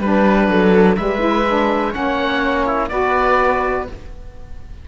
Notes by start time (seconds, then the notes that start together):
0.00 G3 D4 B4
0.48 F#3 A4
0.97 G3 G#3 B4 E5
1.20 E4
1.47 D4
1.91 A#3 C#4 C#5 F#5
2.66 E4
2.89 B3 F#4 B4 D5